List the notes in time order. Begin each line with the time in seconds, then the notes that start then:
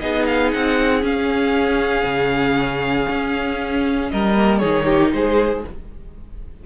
0.00 B3 D#4 G#4 D#5
0.26 F5
0.53 C4 F#5
1.01 C#4 F5
2.04 C#3
3.09 C#4
4.11 G3 A#4 D#5
4.36 A#3
4.58 D#3 D#4 G#4 C#5
4.86 G4
5.13 G#3 G#4 C5